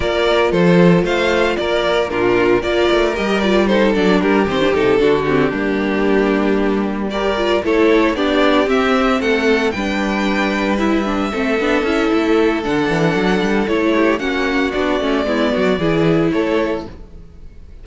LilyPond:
<<
  \new Staff \with { instrumentName = "violin" } { \time 4/4 \tempo 4 = 114 d''4 c''4 f''4 d''4 | ais'4 d''4 dis''8 d''8 c''8 d''8 | ais'8 c''8 a'4 g'2~ | g'4. d''4 cis''4 d''8~ |
d''8 e''4 fis''4 g''4.~ | g''8 e''2.~ e''8 | fis''2 cis''4 fis''4 | d''2. cis''4 | }
  \new Staff \with { instrumentName = "violin" } { \time 4/4 ais'4 a'4 c''4 ais'4 | f'4 ais'2 a'4 | g'4. fis'4 d'4.~ | d'4. ais'4 a'4 g'8~ |
g'4. a'4 b'4.~ | b'4. a'2~ a'8~ | a'2~ a'8 g'8 fis'4~ | fis'4 e'8 fis'8 gis'4 a'4 | }
  \new Staff \with { instrumentName = "viola" } { \time 4/4 f'1 | d'4 f'4 g'8 f'8 dis'8 d'8~ | d'8 c'16 d'16 dis'8 d'8 c'8 ais4.~ | ais4. g'8 f'8 e'4 d'8~ |
d'8 c'2 d'4.~ | d'8 e'8 d'8 c'8 d'8 e'4. | d'2 e'4 cis'4 | d'8 cis'8 b4 e'2 | }
  \new Staff \with { instrumentName = "cello" } { \time 4/4 ais4 f4 a4 ais4 | ais,4 ais8 a8 g4. fis8 | g8 dis8 c8 d4 g4.~ | g2~ g8 a4 b8~ |
b8 c'4 a4 g4.~ | g4. a8 b8 cis'8 a4 | d8 e8 fis8 g8 a4 ais4 | b8 a8 gis8 fis8 e4 a4 | }
>>